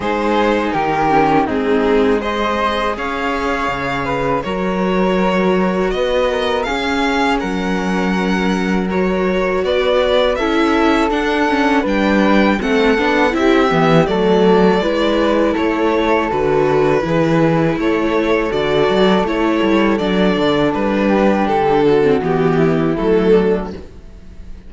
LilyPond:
<<
  \new Staff \with { instrumentName = "violin" } { \time 4/4 \tempo 4 = 81 c''4 ais'4 gis'4 dis''4 | f''2 cis''2 | dis''4 f''4 fis''2 | cis''4 d''4 e''4 fis''4 |
g''4 fis''4 e''4 d''4~ | d''4 cis''4 b'2 | cis''4 d''4 cis''4 d''4 | b'4 a'4 g'4 a'4 | }
  \new Staff \with { instrumentName = "flute" } { \time 4/4 gis'4 g'4 dis'4 c''4 | cis''4. b'8 ais'2 | b'8 ais'8 gis'4 ais'2~ | ais'4 b'4 a'2 |
b'4 a'4 g'4 a'4 | b'4 a'2 gis'4 | a'1~ | a'8 g'4 fis'4 e'4 d'8 | }
  \new Staff \with { instrumentName = "viola" } { \time 4/4 dis'4. cis'8 c'4 gis'4~ | gis'2 fis'2~ | fis'4 cis'2. | fis'2 e'4 d'8 cis'8 |
d'4 c'8 d'8 e'8 b8 a4 | e'2 fis'4 e'4~ | e'4 fis'4 e'4 d'4~ | d'4.~ d'16 c'16 b4 a4 | }
  \new Staff \with { instrumentName = "cello" } { \time 4/4 gis4 dis4 gis2 | cis'4 cis4 fis2 | b4 cis'4 fis2~ | fis4 b4 cis'4 d'4 |
g4 a8 b8 c'8 e8 fis4 | gis4 a4 d4 e4 | a4 d8 fis8 a8 g8 fis8 d8 | g4 d4 e4 fis4 | }
>>